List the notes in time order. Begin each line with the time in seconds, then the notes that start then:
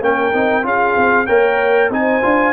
0.00 A#3 C#4 A#4 G5
0.34 C4 D#4
0.63 C#4 F4 G#4 F5
0.96 C4
1.27 A#3 A#4 C#5 G5
1.90 C4 D#4 C5 G#5
2.22 D4 F4